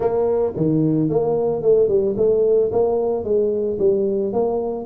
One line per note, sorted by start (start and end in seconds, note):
0.00 0.52 A#3
0.56 1.09 D#3
1.09 1.62 A#3
1.62 1.88 A3
1.88 2.15 G3
2.16 2.71 A3
2.71 3.23 A#3
3.23 3.77 G#3
3.78 4.32 G3
4.32 4.85 A#3